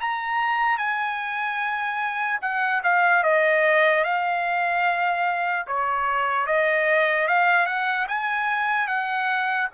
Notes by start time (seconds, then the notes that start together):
0.00 A#5
0.77 G#5
2.41 F#5
2.83 F5
3.23 D#5
4.04 F5
5.67 C#5
6.46 D#5
7.28 F5
7.66 F#5
8.08 G#5
8.87 F#5